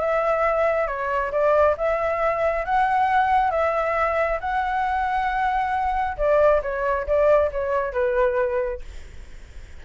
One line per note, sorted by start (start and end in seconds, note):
0.00 0.87 E5
0.87 1.31 C#5
1.31 1.75 D5
1.77 2.65 E5
2.65 3.51 F#5
3.51 4.39 E5
4.41 6.17 F#5
6.17 6.62 D5
6.62 7.06 C#5
7.07 7.51 D5
7.52 7.93 C#5
7.93 8.81 B4